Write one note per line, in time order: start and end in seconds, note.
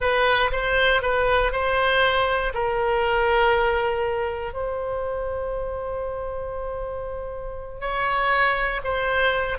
0.00 0.51 B4
0.51 1.02 C5
1.02 1.51 B4
1.51 2.52 C5
2.53 4.53 A#4
4.53 7.80 C5
7.80 8.81 C#5
8.83 9.58 C5